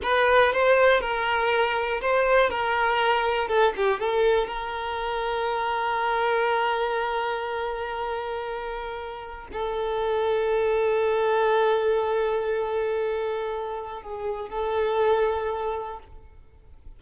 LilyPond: \new Staff \with { instrumentName = "violin" } { \time 4/4 \tempo 4 = 120 b'4 c''4 ais'2 | c''4 ais'2 a'8 g'8 | a'4 ais'2.~ | ais'1~ |
ais'2. a'4~ | a'1~ | a'1 | gis'4 a'2. | }